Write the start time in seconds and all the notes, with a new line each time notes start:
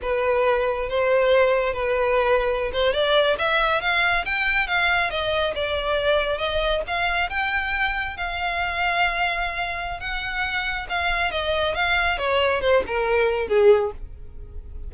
0.02 B4
0.89 C5
1.73 B4
2.73 C5
2.93 D5
3.38 E5
3.81 F5
4.25 G5
4.67 F5
5.10 D#5
5.55 D5
6.38 D#5
6.87 F5
7.29 G5
8.16 F5
10.00 F#5
10.89 F5
11.31 D#5
11.74 F5
12.18 C#5
12.61 C5
12.86 A#4
13.48 G#4